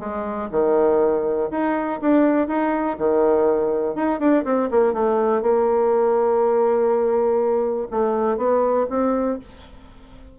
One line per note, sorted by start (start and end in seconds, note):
0.00 0.49 G#3
0.52 1.50 D#3
1.51 2.01 D#4
2.02 2.48 D4
2.48 2.97 D#4
2.99 3.96 D#3
3.96 4.20 D#4
4.20 4.45 D4
4.45 4.70 C4
4.71 4.94 A#3
4.94 5.42 A3
5.42 7.88 A#3
7.92 8.38 A3
8.38 8.87 B3
8.90 9.39 C4